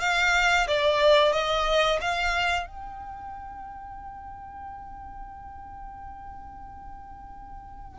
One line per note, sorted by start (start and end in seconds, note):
0.00 0.67 F5
0.67 1.32 D5
1.32 1.99 D#5
2.01 2.67 F5
2.67 7.99 G5